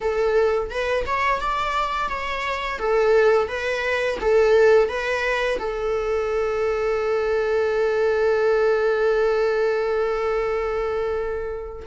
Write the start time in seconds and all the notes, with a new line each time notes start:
0.01 A4
0.70 B4
1.06 C#5
1.40 D5
2.09 C#5
2.78 A4
3.48 B4
4.21 A4
4.88 B4
5.58 A4